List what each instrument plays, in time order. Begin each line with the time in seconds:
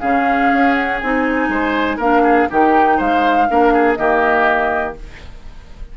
0.00 bassoon C#3, clarinet C#4, oboe G#4, flute F5
0.52 bassoon C#4
0.73 flute F#5
0.99 bassoon C4, clarinet D#4, flute G#5
1.48 bassoon G#3, oboe C5
1.97 bassoon A#3, clarinet D4, oboe A#4, flute F5
2.23 oboe G#4
2.49 bassoon D#3, clarinet D#4, oboe G4, flute G5
2.97 bassoon G#3, oboe C5, flute F5
3.48 bassoon A#3, clarinet D4, oboe A#4
3.73 oboe G#4
3.94 bassoon D#3, clarinet A#3, oboe G4, flute D#5